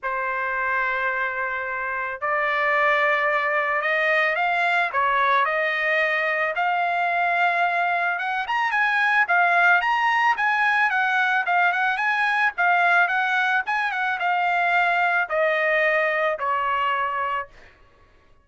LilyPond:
\new Staff \with { instrumentName = "trumpet" } { \time 4/4 \tempo 4 = 110 c''1 | d''2. dis''4 | f''4 cis''4 dis''2 | f''2. fis''8 ais''8 |
gis''4 f''4 ais''4 gis''4 | fis''4 f''8 fis''8 gis''4 f''4 | fis''4 gis''8 fis''8 f''2 | dis''2 cis''2 | }